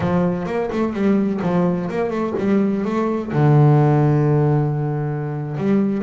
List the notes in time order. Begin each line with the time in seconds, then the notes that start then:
0.00 F3
0.46 A#3
0.72 A3
0.93 G3
1.42 F3
1.89 A#3
2.10 A3
2.38 G3
2.85 A3
3.32 D3
5.57 G3